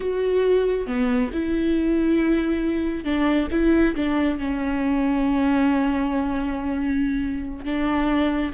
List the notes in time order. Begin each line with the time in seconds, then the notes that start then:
0.00 F#4
0.86 B3
1.32 E4
3.04 D4
3.51 E4
3.95 D4
4.38 C#4
7.64 D4